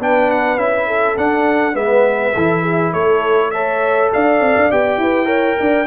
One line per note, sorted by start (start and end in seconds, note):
0.00 0.57 B3
0.00 0.59 D4
0.00 0.88 B4
0.00 0.31 G5
0.31 0.59 F#5
0.57 1.16 C#4
0.57 1.17 E4
0.57 1.17 E5
0.88 1.76 A4
1.17 1.75 D4
1.17 1.74 D4
1.17 1.76 F#5
1.74 2.34 G#3
1.74 2.32 B3
1.74 2.35 B4
1.74 2.94 E5
2.35 2.94 E3
2.35 3.54 E4
2.35 2.63 A4
2.63 2.92 G#4
2.93 4.12 A3
2.93 3.52 A4
2.93 3.51 C#5
3.51 4.71 A4
3.51 4.12 C#5
3.51 4.10 E5
4.14 4.41 D4
4.14 5.02 D5
4.14 4.71 F5
4.41 4.56 C4
4.57 4.72 D4
4.71 4.98 B3
4.71 5.26 G4
4.71 5.87 G5
4.98 5.57 E4
4.98 5.27 B4
5.26 5.84 A#4
5.26 5.56 C#5
5.59 5.87 D4
5.59 5.87 D5